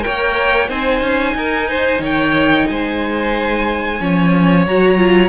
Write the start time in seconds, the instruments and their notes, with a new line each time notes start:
0.00 viola A#4, violin C#5 G5
0.06 cello A#3
0.69 cello C4, viola D#4, violin C5 G#5
1.01 cello C#4
1.34 cello D#4, violin A#4
1.69 violin C5
1.99 cello D#3, violin C#5
2.05 violin G5
2.67 cello G#3, violin C5 G#5
4.00 cello F3, viola C#4, violin C#5
4.66 cello F#3, viola F#4, violin A#5
4.97 viola F4